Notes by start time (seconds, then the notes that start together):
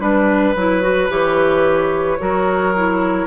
0.00 G3 D4 B4
0.55 F#3 E4
0.82 F#4
1.09 E3 G4 C#5
2.19 F#3 F#4 A#4
2.76 E4